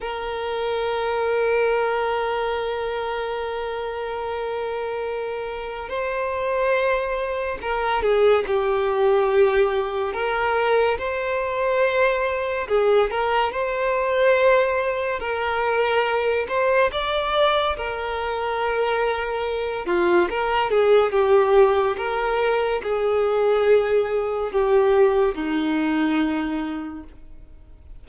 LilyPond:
\new Staff \with { instrumentName = "violin" } { \time 4/4 \tempo 4 = 71 ais'1~ | ais'2. c''4~ | c''4 ais'8 gis'8 g'2 | ais'4 c''2 gis'8 ais'8 |
c''2 ais'4. c''8 | d''4 ais'2~ ais'8 f'8 | ais'8 gis'8 g'4 ais'4 gis'4~ | gis'4 g'4 dis'2 | }